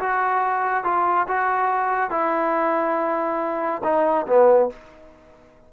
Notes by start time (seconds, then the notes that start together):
0.00 F#4
0.85 F4
1.28 F#4
2.11 E4
3.84 D#4
4.27 B3